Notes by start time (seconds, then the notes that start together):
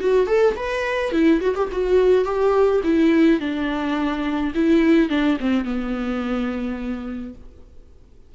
0.00 F#4
0.27 A4
0.56 B4
1.12 E4
1.41 F#4
1.55 G4
1.72 F#4
2.25 G4
2.84 E4
3.40 D4
4.55 E4
5.09 D4
5.40 C4
5.65 B3